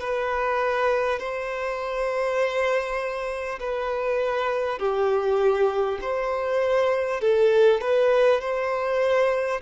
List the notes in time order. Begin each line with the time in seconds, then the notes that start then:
0.00 B4
1.19 C5
3.60 B4
4.79 G4
6.01 C5
7.21 A4
7.81 B4
8.41 C5